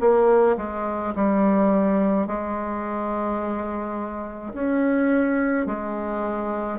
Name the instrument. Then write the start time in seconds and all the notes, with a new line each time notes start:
bassoon
0.00 A#3
0.57 G#3
1.15 G3
2.27 G#3
4.54 C#4
5.66 G#3